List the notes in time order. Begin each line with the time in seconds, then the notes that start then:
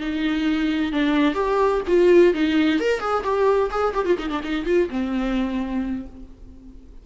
0.00 D#4
0.92 D4
1.34 G4
1.87 F4
2.33 D#4
2.79 A#4
3.00 G#4
3.23 G4
3.70 G#4
3.94 G4
4.05 F4
4.18 D#4
4.29 D4
4.43 D#4
4.65 F4
4.89 C4